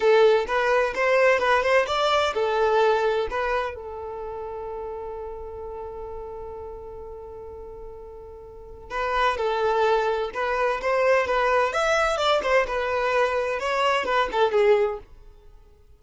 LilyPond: \new Staff \with { instrumentName = "violin" } { \time 4/4 \tempo 4 = 128 a'4 b'4 c''4 b'8 c''8 | d''4 a'2 b'4 | a'1~ | a'1~ |
a'2. b'4 | a'2 b'4 c''4 | b'4 e''4 d''8 c''8 b'4~ | b'4 cis''4 b'8 a'8 gis'4 | }